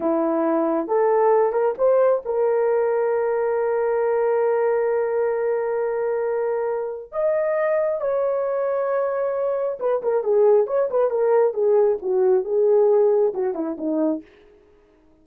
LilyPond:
\new Staff \with { instrumentName = "horn" } { \time 4/4 \tempo 4 = 135 e'2 a'4. ais'8 | c''4 ais'2.~ | ais'1~ | ais'1 |
dis''2 cis''2~ | cis''2 b'8 ais'8 gis'4 | cis''8 b'8 ais'4 gis'4 fis'4 | gis'2 fis'8 e'8 dis'4 | }